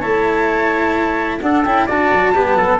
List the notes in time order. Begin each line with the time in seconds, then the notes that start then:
0.00 A3 E4 C#5 A5
1.40 D4 A4 F#5
1.64 C#4 E4 G5
1.86 D4 F#4 D5 A5
2.12 F#3
2.34 G3 B3 G4
2.55 F#3 A4